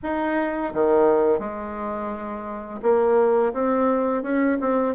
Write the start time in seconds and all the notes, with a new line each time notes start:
0.02 D#4
0.73 D#3
1.39 G#3
2.82 A#3
3.53 C4
4.22 C#4
4.60 C4